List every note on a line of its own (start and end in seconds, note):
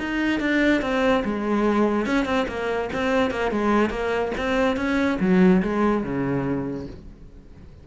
0.00 0.40 D#4
0.40 0.82 D4
0.82 1.23 C4
1.25 2.06 G#3
2.06 2.25 C#4
2.25 2.46 C4
2.48 2.90 A#3
2.93 3.31 C4
3.31 3.52 A#3
3.52 3.90 G#3
3.90 4.32 A#3
4.38 4.77 C4
4.77 5.18 C#4
5.20 5.62 F#3
5.62 6.04 G#3
6.04 6.87 C#3